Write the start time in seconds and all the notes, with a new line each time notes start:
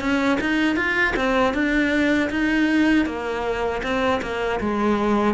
0.00 C#4
0.40 D#4
0.76 F4
1.16 C4
1.54 D4
2.30 D#4
3.06 A#3
3.83 C4
4.22 A#3
4.60 G#3